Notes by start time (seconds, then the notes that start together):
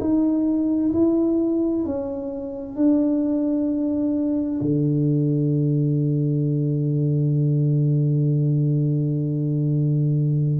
0.00 D#4
0.93 E4
1.85 C#4
2.76 D4
4.61 D3